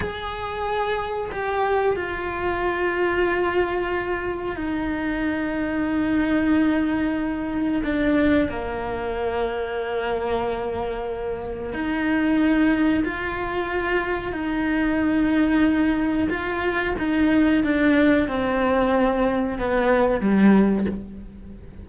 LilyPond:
\new Staff \with { instrumentName = "cello" } { \time 4/4 \tempo 4 = 92 gis'2 g'4 f'4~ | f'2. dis'4~ | dis'1 | d'4 ais2.~ |
ais2 dis'2 | f'2 dis'2~ | dis'4 f'4 dis'4 d'4 | c'2 b4 g4 | }